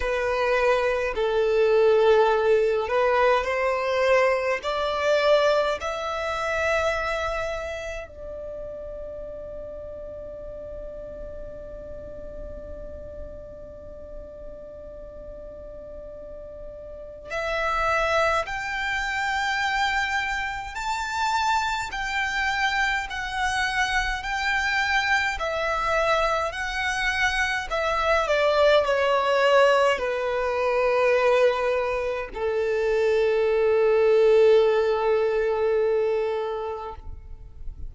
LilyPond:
\new Staff \with { instrumentName = "violin" } { \time 4/4 \tempo 4 = 52 b'4 a'4. b'8 c''4 | d''4 e''2 d''4~ | d''1~ | d''2. e''4 |
g''2 a''4 g''4 | fis''4 g''4 e''4 fis''4 | e''8 d''8 cis''4 b'2 | a'1 | }